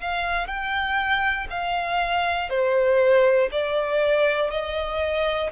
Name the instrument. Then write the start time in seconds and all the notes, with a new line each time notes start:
violin
0.00 F5
0.47 G5
1.50 F5
2.50 C5
3.51 D5
4.50 D#5